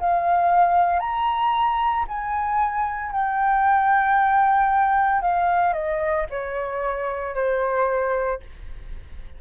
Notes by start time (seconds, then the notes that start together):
0.00 F5
1.00 A#5
2.09 G#5
3.12 G5
5.22 F5
5.74 D#5
6.30 C#5
7.35 C5